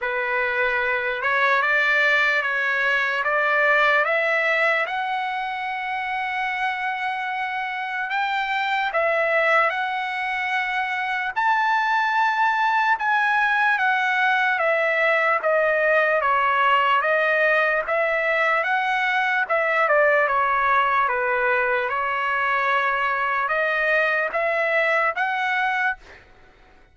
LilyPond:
\new Staff \with { instrumentName = "trumpet" } { \time 4/4 \tempo 4 = 74 b'4. cis''8 d''4 cis''4 | d''4 e''4 fis''2~ | fis''2 g''4 e''4 | fis''2 a''2 |
gis''4 fis''4 e''4 dis''4 | cis''4 dis''4 e''4 fis''4 | e''8 d''8 cis''4 b'4 cis''4~ | cis''4 dis''4 e''4 fis''4 | }